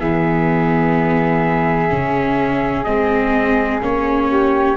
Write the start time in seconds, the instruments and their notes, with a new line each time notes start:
0.00 tuba E3, viola B3, flute G#4, trumpet E5
1.90 tuba C#3, viola C#4
2.84 tuba G#3, viola C4, trumpet D#5
3.82 tuba A#3, viola C#4, trumpet C#5
4.30 flute G4